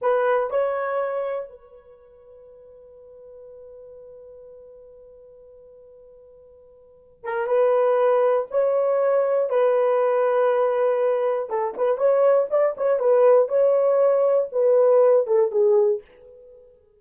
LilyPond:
\new Staff \with { instrumentName = "horn" } { \time 4/4 \tempo 4 = 120 b'4 cis''2 b'4~ | b'1~ | b'1~ | b'2~ b'8 ais'8 b'4~ |
b'4 cis''2 b'4~ | b'2. a'8 b'8 | cis''4 d''8 cis''8 b'4 cis''4~ | cis''4 b'4. a'8 gis'4 | }